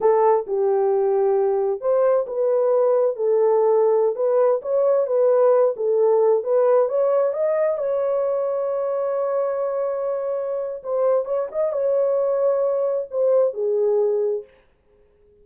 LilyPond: \new Staff \with { instrumentName = "horn" } { \time 4/4 \tempo 4 = 133 a'4 g'2. | c''4 b'2 a'4~ | a'4~ a'16 b'4 cis''4 b'8.~ | b'8. a'4. b'4 cis''8.~ |
cis''16 dis''4 cis''2~ cis''8.~ | cis''1 | c''4 cis''8 dis''8 cis''2~ | cis''4 c''4 gis'2 | }